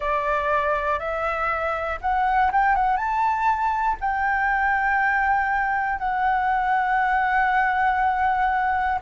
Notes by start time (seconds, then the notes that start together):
0.00 D5
0.99 E5
2.00 F#5
2.51 G5
2.75 F#5
2.96 A5
4.00 G5
5.99 F#5